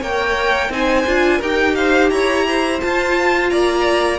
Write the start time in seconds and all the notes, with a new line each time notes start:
0.00 A#3 A#4 C#5 G5
0.69 C4 D#4 C5 G#5
1.06 D4 F4
1.37 D#4 G4 A#4 G5
1.75 C5 F5
2.09 E4 C#5 A#5
2.47 C5
2.80 F4 A5
3.49 A#3 D5 A#5